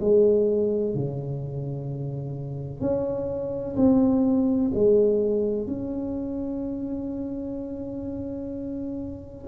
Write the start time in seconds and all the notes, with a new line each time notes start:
0.00 G#3
0.94 C#3
2.81 C#4
3.76 C4
4.74 G#3
5.67 C#4